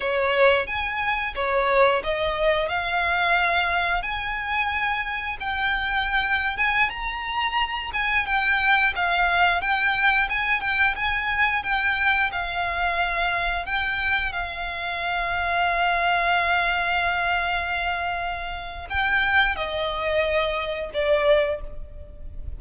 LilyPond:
\new Staff \with { instrumentName = "violin" } { \time 4/4 \tempo 4 = 89 cis''4 gis''4 cis''4 dis''4 | f''2 gis''2 | g''4.~ g''16 gis''8 ais''4. gis''16~ | gis''16 g''4 f''4 g''4 gis''8 g''16~ |
g''16 gis''4 g''4 f''4.~ f''16~ | f''16 g''4 f''2~ f''8.~ | f''1 | g''4 dis''2 d''4 | }